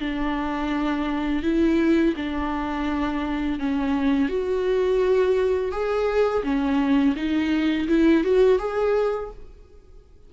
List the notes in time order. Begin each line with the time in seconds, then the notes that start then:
0.00 D4
1.43 E4
2.17 D4
3.59 C#4
4.29 F#4
5.71 G#4
6.43 C#4
7.16 D#4
7.88 E4
8.24 F#4
8.59 G#4